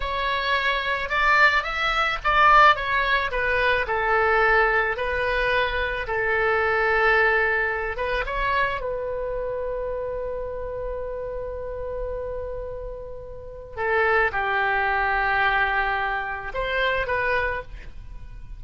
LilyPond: \new Staff \with { instrumentName = "oboe" } { \time 4/4 \tempo 4 = 109 cis''2 d''4 e''4 | d''4 cis''4 b'4 a'4~ | a'4 b'2 a'4~ | a'2~ a'8 b'8 cis''4 |
b'1~ | b'1~ | b'4 a'4 g'2~ | g'2 c''4 b'4 | }